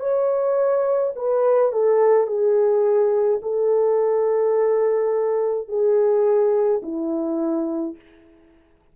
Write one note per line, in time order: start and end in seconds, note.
0.00 1.13 C#5
1.16 1.72 B4
1.72 2.27 A4
2.27 3.40 G#4
3.42 5.68 A4
5.68 6.81 G#4
6.83 7.96 E4